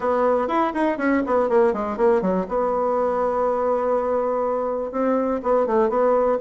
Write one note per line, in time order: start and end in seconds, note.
0.00 0.48 B3
0.48 0.72 E4
0.74 0.97 D#4
0.97 1.22 C#4
1.25 1.49 B3
1.49 1.73 A#3
1.73 1.97 G#3
1.97 2.21 A#3
2.21 2.46 F#3
2.48 4.91 B3
4.91 5.41 C4
5.42 5.66 B3
5.66 5.89 A3
5.89 6.38 B3